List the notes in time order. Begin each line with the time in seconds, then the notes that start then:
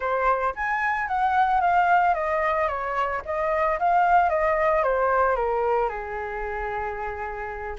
0.00 C5
0.55 G#5
1.07 F#5
1.60 F5
2.14 D#5
2.68 C#5
3.25 D#5
3.79 F5
4.29 D#5
4.83 C5
5.36 A#4
5.88 G#4